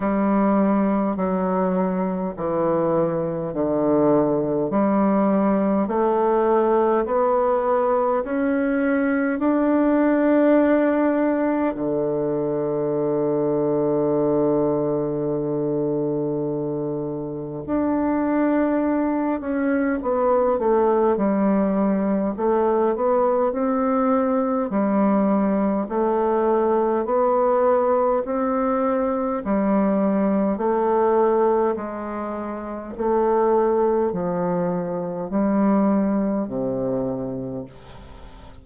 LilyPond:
\new Staff \with { instrumentName = "bassoon" } { \time 4/4 \tempo 4 = 51 g4 fis4 e4 d4 | g4 a4 b4 cis'4 | d'2 d2~ | d2. d'4~ |
d'8 cis'8 b8 a8 g4 a8 b8 | c'4 g4 a4 b4 | c'4 g4 a4 gis4 | a4 f4 g4 c4 | }